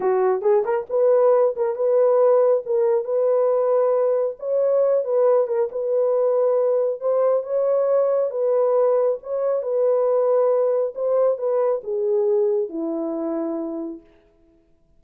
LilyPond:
\new Staff \with { instrumentName = "horn" } { \time 4/4 \tempo 4 = 137 fis'4 gis'8 ais'8 b'4. ais'8 | b'2 ais'4 b'4~ | b'2 cis''4. b'8~ | b'8 ais'8 b'2. |
c''4 cis''2 b'4~ | b'4 cis''4 b'2~ | b'4 c''4 b'4 gis'4~ | gis'4 e'2. | }